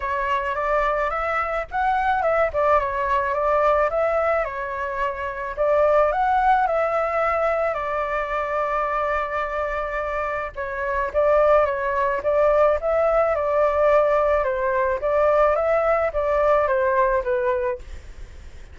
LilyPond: \new Staff \with { instrumentName = "flute" } { \time 4/4 \tempo 4 = 108 cis''4 d''4 e''4 fis''4 | e''8 d''8 cis''4 d''4 e''4 | cis''2 d''4 fis''4 | e''2 d''2~ |
d''2. cis''4 | d''4 cis''4 d''4 e''4 | d''2 c''4 d''4 | e''4 d''4 c''4 b'4 | }